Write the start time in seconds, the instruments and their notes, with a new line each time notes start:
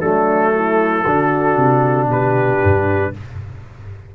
0.00 tuba F#3, trombone A3, horn D4, trumpet A4
0.54 horn E4
1.05 tuba D3, trombone D4, horn F#4
1.56 tuba C3
2.07 tuba B2, horn G4, trumpet B4
2.63 tuba G2